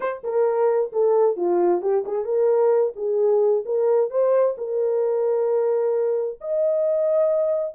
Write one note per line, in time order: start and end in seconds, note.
0.00 0.23 C5
0.23 0.91 A#4
0.92 1.36 A4
1.36 1.81 F4
1.81 2.04 G4
2.05 2.25 G#4
2.25 2.93 A#4
2.95 3.64 G#4
3.65 4.10 A#4
4.10 4.55 C5
4.57 6.39 A#4
6.40 7.74 D#5